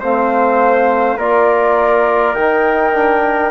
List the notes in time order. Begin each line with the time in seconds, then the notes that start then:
0.00 A3 C4 C5 F5
1.17 A#3 F4 A#4 D5
2.35 D#3 D#4 G5
2.93 D4